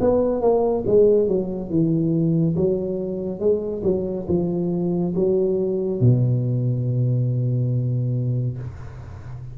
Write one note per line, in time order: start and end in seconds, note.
0.00 0.41 B3
0.41 0.84 A#3
0.86 1.27 G#3
1.27 1.69 F#3
1.69 2.55 E3
2.56 3.39 F#3
3.39 3.83 G#3
3.83 4.26 F#3
4.28 5.14 F3
5.15 6.00 F#3
6.00 8.58 B2